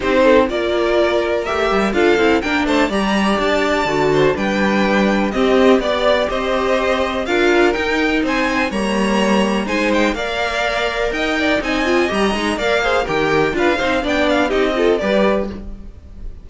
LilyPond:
<<
  \new Staff \with { instrumentName = "violin" } { \time 4/4 \tempo 4 = 124 c''4 d''2 e''4 | f''4 g''8 a''8 ais''4 a''4~ | a''4 g''2 dis''4 | d''4 dis''2 f''4 |
g''4 gis''4 ais''2 | gis''8 g''8 f''2 g''4 | gis''4 ais''4 f''4 g''4 | f''4 g''8 f''8 dis''4 d''4 | }
  \new Staff \with { instrumentName = "violin" } { \time 4/4 g'8 a'8 ais'2. | a'4 ais'8 c''8 d''2~ | d''8 c''8 b'2 g'4 | d''4 c''2 ais'4~ |
ais'4 c''4 cis''2 | c''4 d''2 dis''8 d''8 | dis''2 d''8 c''8 ais'4 | b'8 c''8 d''4 g'8 a'8 b'4 | }
  \new Staff \with { instrumentName = "viola" } { \time 4/4 dis'4 f'2 g'4 | f'8 e'8 d'4 g'2 | fis'4 d'2 c'4 | g'2. f'4 |
dis'2 ais2 | dis'4 ais'2. | dis'8 f'8 g'8 dis'8 ais'8 gis'8 g'4 | f'8 dis'8 d'4 dis'8 f'8 g'4 | }
  \new Staff \with { instrumentName = "cello" } { \time 4/4 c'4 ais2 a8 g8 | d'8 c'8 ais8 a8 g4 d'4 | d4 g2 c'4 | b4 c'2 d'4 |
dis'4 c'4 g2 | gis4 ais2 dis'4 | c'4 g8 gis8 ais4 dis4 | d'8 c'8 b4 c'4 g4 | }
>>